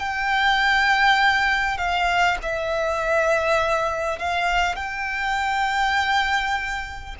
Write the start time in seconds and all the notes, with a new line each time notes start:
0.00 G5
1.78 F5
2.43 E5
4.19 F5
4.76 G5